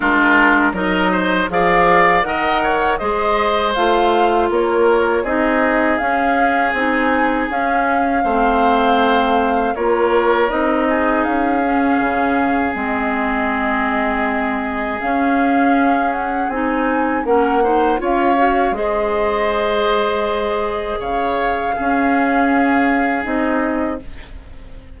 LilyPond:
<<
  \new Staff \with { instrumentName = "flute" } { \time 4/4 \tempo 4 = 80 ais'4 dis''4 f''4 fis''4 | dis''4 f''4 cis''4 dis''4 | f''4 gis''4 f''2~ | f''4 cis''4 dis''4 f''4~ |
f''4 dis''2. | f''4. fis''8 gis''4 fis''4 | f''4 dis''2. | f''2. dis''4 | }
  \new Staff \with { instrumentName = "oboe" } { \time 4/4 f'4 ais'8 c''8 d''4 dis''8 cis''8 | c''2 ais'4 gis'4~ | gis'2. c''4~ | c''4 ais'4. gis'4.~ |
gis'1~ | gis'2. ais'8 c''8 | cis''4 c''2. | cis''4 gis'2. | }
  \new Staff \with { instrumentName = "clarinet" } { \time 4/4 d'4 dis'4 gis'4 ais'4 | gis'4 f'2 dis'4 | cis'4 dis'4 cis'4 c'4~ | c'4 f'4 dis'4. cis'8~ |
cis'4 c'2. | cis'2 dis'4 cis'8 dis'8 | f'8 fis'8 gis'2.~ | gis'4 cis'2 dis'4 | }
  \new Staff \with { instrumentName = "bassoon" } { \time 4/4 gis4 fis4 f4 dis4 | gis4 a4 ais4 c'4 | cis'4 c'4 cis'4 a4~ | a4 ais4 c'4 cis'4 |
cis4 gis2. | cis'2 c'4 ais4 | cis'4 gis2. | cis4 cis'2 c'4 | }
>>